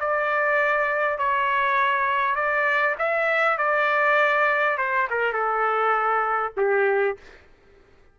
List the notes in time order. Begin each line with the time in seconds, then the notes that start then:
0.00 D5
1.19 C#5
2.36 D5
2.99 E5
3.58 D5
4.78 C5
5.11 A#4
5.33 A4
6.57 G4